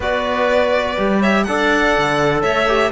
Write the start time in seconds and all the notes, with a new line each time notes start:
0.00 B3 F#4 B4 D5
0.97 G3 G4
1.21 C#5 E5
1.43 D4 A4 D5 F#5
1.97 D3
2.42 A3 C#5 E5
2.68 G4